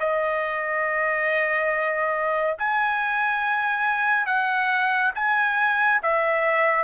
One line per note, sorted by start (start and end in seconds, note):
0.00 2.57 D#5
2.59 4.26 G#5
4.26 5.12 F#5
5.15 6.01 G#5
6.02 6.84 E5